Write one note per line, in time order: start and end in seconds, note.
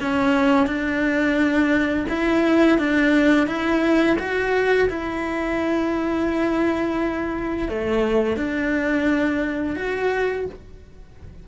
0.00 0.66 C#4
0.66 2.05 D4
2.08 2.78 E4
2.78 3.47 D4
3.47 4.16 E4
4.19 4.88 F#4
4.89 7.68 E4
7.68 8.36 A3
8.36 9.75 D4
9.75 10.45 F#4